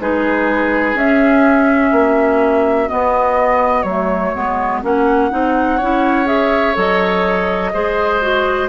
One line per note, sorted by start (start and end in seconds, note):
0.00 0.94 G#3
0.00 0.97 D#4
0.00 1.92 G#4
0.00 0.97 B4
0.94 1.91 C#4
0.94 2.89 C#4
0.94 2.89 E5
1.92 2.89 A#3
1.92 5.77 F#4
2.89 3.86 B3
2.89 3.84 B3
2.89 3.83 D#5
3.83 4.32 F#3
3.83 4.35 A3
3.83 4.80 C#5
4.35 4.83 G#3
4.35 4.83 B3
4.83 5.32 A#3
4.83 5.31 C#4
4.83 6.27 F#5
5.31 5.81 C4
5.31 5.79 D#4
5.77 6.77 C#4
5.77 6.25 E4
5.77 7.70 C#5
6.25 6.74 G#4
6.25 6.75 E5
6.75 7.73 F#3
6.75 7.72 A4
6.75 8.69 D#5
7.73 8.69 G#3
7.73 8.21 G#4
7.73 8.69 C5
8.21 8.69 F#4